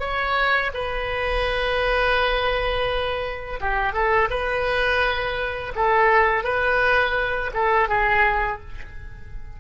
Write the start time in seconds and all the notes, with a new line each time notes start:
0.00 C#5
0.74 B4
3.61 G4
3.93 A4
4.31 B4
5.76 A4
6.44 B4
7.54 A4
7.89 G#4